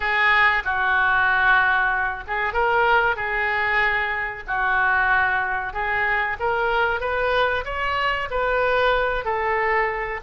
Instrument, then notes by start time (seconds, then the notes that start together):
oboe
0.00 G#4
0.64 F#4
2.27 G#4
2.53 A#4
3.16 G#4
4.47 F#4
5.73 G#4
6.39 A#4
7.00 B4
7.65 C#5
8.30 B4
9.24 A4